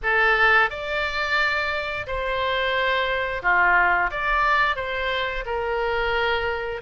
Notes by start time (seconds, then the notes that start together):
0.02 A4
0.70 D5
2.06 C5
3.42 F4
4.10 D5
4.76 C5
5.45 A#4